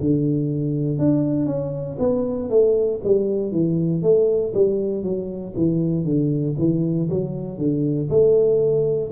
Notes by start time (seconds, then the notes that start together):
0.00 D3
0.98 D4
1.46 C#4
1.98 B3
2.49 A3
3.03 G3
3.51 E3
4.02 A3
4.53 G3
5.02 F#3
5.56 E3
6.04 D3
6.58 E3
7.09 F#3
7.58 D3
8.09 A3